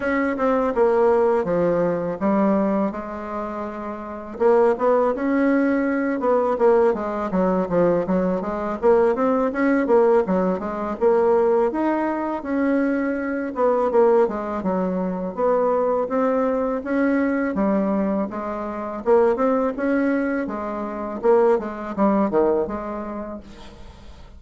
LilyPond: \new Staff \with { instrumentName = "bassoon" } { \time 4/4 \tempo 4 = 82 cis'8 c'8 ais4 f4 g4 | gis2 ais8 b8 cis'4~ | cis'8 b8 ais8 gis8 fis8 f8 fis8 gis8 | ais8 c'8 cis'8 ais8 fis8 gis8 ais4 |
dis'4 cis'4. b8 ais8 gis8 | fis4 b4 c'4 cis'4 | g4 gis4 ais8 c'8 cis'4 | gis4 ais8 gis8 g8 dis8 gis4 | }